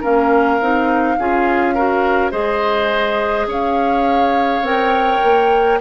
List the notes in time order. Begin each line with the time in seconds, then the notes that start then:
0.00 A#3 C#4 A#4 F5
0.60 C4 D#4
1.18 C#4 F4 G#4
1.74 F#4 A#4
2.31 G#3 G#4 C5 D#5
3.46 C#4 C#5 F5
4.61 C4 A#4 G5
5.23 A#3